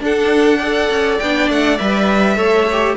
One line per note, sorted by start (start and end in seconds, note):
0.00 0.59 D4
0.00 0.89 D4
0.00 0.58 A4
0.00 1.19 F#5
0.58 1.21 A4
0.58 2.35 D5
0.89 1.19 C#4
1.19 1.49 B3
1.19 1.78 D4
1.19 1.48 G5
1.49 1.79 A3
1.49 1.77 F#5
1.77 2.37 G3
1.77 2.35 B4
1.77 2.95 E5
2.35 2.95 A3
2.35 2.65 A4
2.35 2.95 C#5
2.71 2.96 G4